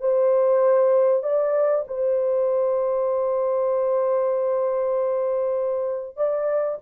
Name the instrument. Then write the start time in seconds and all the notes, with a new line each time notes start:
horn
0.00 C5
1.23 D5
1.87 C5
6.16 D5